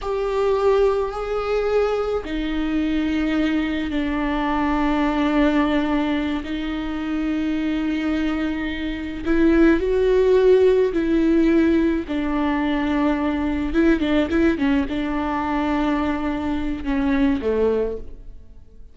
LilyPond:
\new Staff \with { instrumentName = "viola" } { \time 4/4 \tempo 4 = 107 g'2 gis'2 | dis'2. d'4~ | d'2.~ d'8 dis'8~ | dis'1~ |
dis'8 e'4 fis'2 e'8~ | e'4. d'2~ d'8~ | d'8 e'8 d'8 e'8 cis'8 d'4.~ | d'2 cis'4 a4 | }